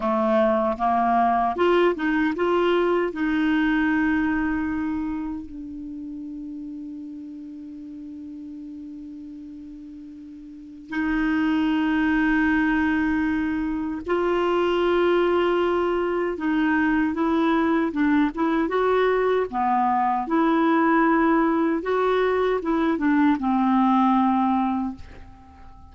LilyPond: \new Staff \with { instrumentName = "clarinet" } { \time 4/4 \tempo 4 = 77 a4 ais4 f'8 dis'8 f'4 | dis'2. d'4~ | d'1~ | d'2 dis'2~ |
dis'2 f'2~ | f'4 dis'4 e'4 d'8 e'8 | fis'4 b4 e'2 | fis'4 e'8 d'8 c'2 | }